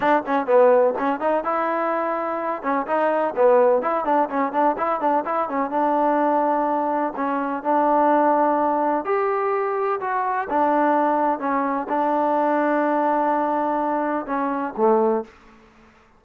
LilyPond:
\new Staff \with { instrumentName = "trombone" } { \time 4/4 \tempo 4 = 126 d'8 cis'8 b4 cis'8 dis'8 e'4~ | e'4. cis'8 dis'4 b4 | e'8 d'8 cis'8 d'8 e'8 d'8 e'8 cis'8 | d'2. cis'4 |
d'2. g'4~ | g'4 fis'4 d'2 | cis'4 d'2.~ | d'2 cis'4 a4 | }